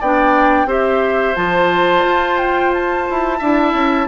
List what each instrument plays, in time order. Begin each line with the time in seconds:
0.00 bassoon B3, clarinet D4, oboe D5, flute G5
0.66 bassoon C4, clarinet G4, oboe C5, flute E5
1.36 bassoon F3, clarinet F4, flute A5
2.05 bassoon F4
2.38 flute G5
2.74 flute A5
3.10 bassoon E4
3.39 bassoon D4, clarinet E4, oboe E5
3.74 bassoon C#4